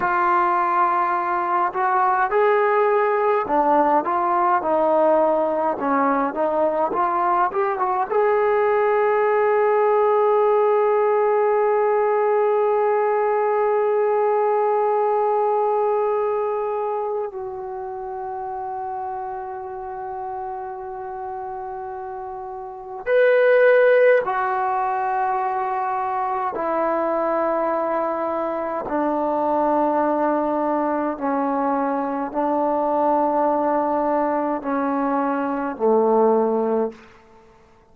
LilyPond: \new Staff \with { instrumentName = "trombone" } { \time 4/4 \tempo 4 = 52 f'4. fis'8 gis'4 d'8 f'8 | dis'4 cis'8 dis'8 f'8 g'16 fis'16 gis'4~ | gis'1~ | gis'2. fis'4~ |
fis'1 | b'4 fis'2 e'4~ | e'4 d'2 cis'4 | d'2 cis'4 a4 | }